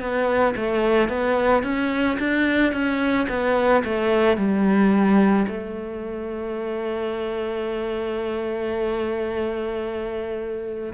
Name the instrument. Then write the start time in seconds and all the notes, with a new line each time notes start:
cello
0.00 B3
0.56 A3
1.09 B3
1.64 C#4
2.19 D4
2.73 C#4
3.29 B3
3.85 A3
4.37 G3
5.48 A3